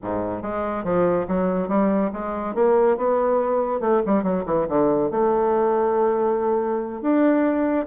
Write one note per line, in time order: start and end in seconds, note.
0.03 0.42 G#2
0.42 0.83 G#3
0.83 1.26 F3
1.27 1.68 F#3
1.68 2.11 G3
2.13 2.54 G#3
2.54 2.97 A#3
2.97 3.80 B3
3.80 4.01 A3
4.05 4.23 G3
4.23 4.44 F#3
4.45 4.66 E3
4.68 5.11 D3
5.11 7.01 A3
7.01 7.86 D4